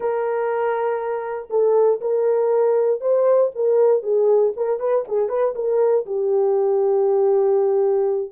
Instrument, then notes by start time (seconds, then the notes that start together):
horn
0.00 A#4
1.50 A4
2.00 A#4
3.00 C5
3.55 A#4
4.02 G#4
4.56 A#4
4.79 B4
5.08 G#4
5.28 B4
5.55 A#4
6.05 G4